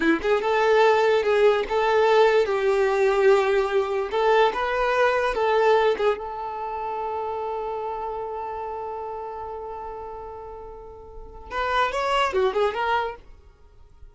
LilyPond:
\new Staff \with { instrumentName = "violin" } { \time 4/4 \tempo 4 = 146 e'8 gis'8 a'2 gis'4 | a'2 g'2~ | g'2 a'4 b'4~ | b'4 a'4. gis'8 a'4~ |
a'1~ | a'1~ | a'1 | b'4 cis''4 fis'8 gis'8 ais'4 | }